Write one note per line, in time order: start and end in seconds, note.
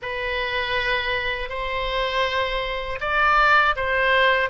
0.02 1.49 B4
1.49 2.99 C5
3.00 3.75 D5
3.76 4.49 C5